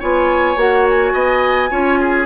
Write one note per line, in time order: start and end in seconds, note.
0.00 0.57 B3
0.00 0.57 F4
0.00 1.13 C#5
0.00 0.59 G#5
0.57 1.13 A#3
0.57 1.70 F#4
0.57 0.88 F#5
0.90 2.26 G#5
1.14 1.71 B3
1.14 1.70 D#5
1.70 2.26 C#4
1.70 2.26 F4
1.70 2.00 C#5
2.01 2.26 G#4